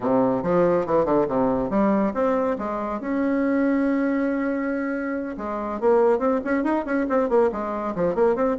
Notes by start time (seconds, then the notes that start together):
0.00 C3
0.43 F3
0.86 E3
1.05 D3
1.28 C3
1.70 G3
2.14 C4
2.58 G#3
3.00 C#4
5.37 G#3
5.80 A#3
6.18 C4
6.44 C#4
6.63 D#4
6.85 C#4
7.09 C4
7.29 A#3
7.52 G#3
7.95 F3
8.14 A#3
8.35 C4